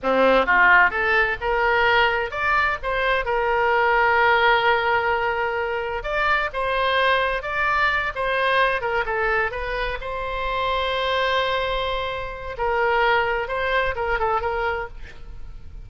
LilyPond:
\new Staff \with { instrumentName = "oboe" } { \time 4/4 \tempo 4 = 129 c'4 f'4 a'4 ais'4~ | ais'4 d''4 c''4 ais'4~ | ais'1~ | ais'4 d''4 c''2 |
d''4. c''4. ais'8 a'8~ | a'8 b'4 c''2~ c''8~ | c''2. ais'4~ | ais'4 c''4 ais'8 a'8 ais'4 | }